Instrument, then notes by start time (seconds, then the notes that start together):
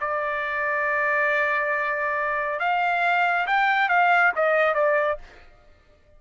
trumpet
0.00 D5
2.59 F5
3.47 G5
3.89 F5
4.35 D#5
4.74 D5